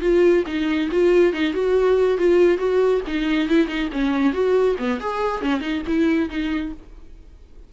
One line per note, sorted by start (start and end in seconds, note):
0.00 0.43 F4
0.46 0.89 D#4
0.91 1.33 F4
1.33 1.53 D#4
1.53 2.17 F#4
2.17 2.57 F4
2.57 3.01 F#4
3.07 3.48 D#4
3.48 3.67 E4
3.67 3.88 D#4
3.92 4.32 C#4
4.32 4.76 F#4
4.78 5.00 B3
5.00 5.41 G#4
5.41 5.60 C#4
5.60 5.82 D#4
5.87 6.29 E4
6.29 6.72 D#4